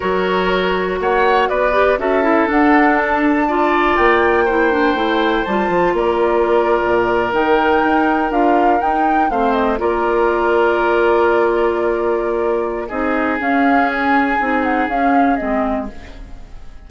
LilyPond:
<<
  \new Staff \with { instrumentName = "flute" } { \time 4/4 \tempo 4 = 121 cis''2 fis''4 d''4 | e''4 fis''4 a''2 | g''2. a''4 | d''2~ d''8. g''4~ g''16~ |
g''8. f''4 g''4 f''8 dis''8 d''16~ | d''1~ | d''2 dis''4 f''4 | gis''4. fis''8 f''4 dis''4 | }
  \new Staff \with { instrumentName = "oboe" } { \time 4/4 ais'2 cis''4 b'4 | a'2. d''4~ | d''4 c''2. | ais'1~ |
ais'2~ ais'8. c''4 ais'16~ | ais'1~ | ais'2 gis'2~ | gis'1 | }
  \new Staff \with { instrumentName = "clarinet" } { \time 4/4 fis'2.~ fis'8 g'8 | fis'8 e'8 d'2 f'4~ | f'4 e'8 d'8 e'4 f'4~ | f'2~ f'8. dis'4~ dis'16~ |
dis'8. f'4 dis'4 c'4 f'16~ | f'1~ | f'2 dis'4 cis'4~ | cis'4 dis'4 cis'4 c'4 | }
  \new Staff \with { instrumentName = "bassoon" } { \time 4/4 fis2 ais4 b4 | cis'4 d'2. | ais2 a4 g8 f8 | ais4.~ ais16 ais,4 dis4 dis'16~ |
dis'8. d'4 dis'4 a4 ais16~ | ais1~ | ais2 c'4 cis'4~ | cis'4 c'4 cis'4 gis4 | }
>>